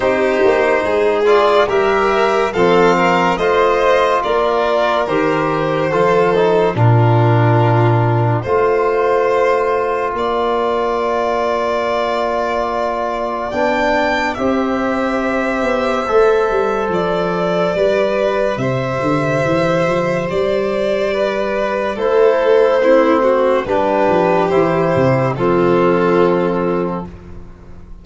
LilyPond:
<<
  \new Staff \with { instrumentName = "violin" } { \time 4/4 \tempo 4 = 71 c''4. d''8 e''4 f''4 | dis''4 d''4 c''2 | ais'2 f''2~ | f''1 |
g''4 e''2. | d''2 e''2 | d''2 c''2 | b'4 c''4 a'2 | }
  \new Staff \with { instrumentName = "violin" } { \time 4/4 g'4 gis'4 ais'4 a'8 ais'8 | c''4 ais'2 a'4 | f'2 c''2 | d''1~ |
d''4 c''2.~ | c''4 b'4 c''2~ | c''4 b'4 a'4 e'8 fis'8 | g'2 f'2 | }
  \new Staff \with { instrumentName = "trombone" } { \time 4/4 dis'4. f'8 g'4 c'4 | f'2 g'4 f'8 dis'8 | d'2 f'2~ | f'1 |
d'4 g'2 a'4~ | a'4 g'2.~ | g'2 e'4 c'4 | d'4 e'4 c'2 | }
  \new Staff \with { instrumentName = "tuba" } { \time 4/4 c'8 ais8 gis4 g4 f4 | a4 ais4 dis4 f4 | ais,2 a2 | ais1 |
b4 c'4. b8 a8 g8 | f4 g4 c8 d8 e8 f8 | g2 a2 | g8 f8 e8 c8 f2 | }
>>